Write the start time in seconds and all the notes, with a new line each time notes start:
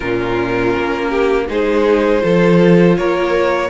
0.00 A#2 C#4 F4 A#4
0.76 A#3
1.09 G4
1.48 G#3 D#4 G#4 C5
2.21 F3 F4 A4
2.97 A#3 A#4 C#5